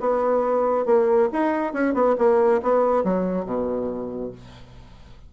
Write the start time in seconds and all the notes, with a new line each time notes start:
0.00 B3
0.85 A#3
1.32 D#4
1.73 C#4
1.94 B3
2.18 A#3
2.62 B3
3.04 F#3
3.45 B2